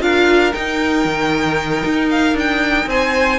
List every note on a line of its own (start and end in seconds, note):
0.00 0.53 D4
0.00 0.52 F4
0.00 2.88 A#4
0.00 0.53 F5
0.53 3.39 D#4
0.53 1.05 D#4
0.53 2.09 G5
1.05 1.83 D#3
1.85 2.33 D#4
2.11 2.37 F5
2.33 2.86 D4
2.33 2.89 G5
2.86 3.38 C4
2.86 3.39 C5
2.86 3.39 G#5